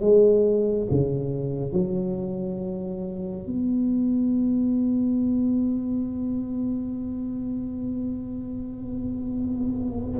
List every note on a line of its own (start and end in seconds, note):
0.00 0.87 G#3
0.91 1.72 C#3
1.72 3.46 F#3
3.46 10.19 B3